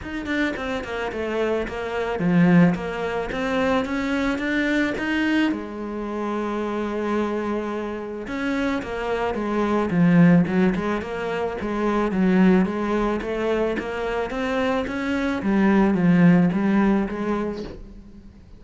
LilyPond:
\new Staff \with { instrumentName = "cello" } { \time 4/4 \tempo 4 = 109 dis'8 d'8 c'8 ais8 a4 ais4 | f4 ais4 c'4 cis'4 | d'4 dis'4 gis2~ | gis2. cis'4 |
ais4 gis4 f4 fis8 gis8 | ais4 gis4 fis4 gis4 | a4 ais4 c'4 cis'4 | g4 f4 g4 gis4 | }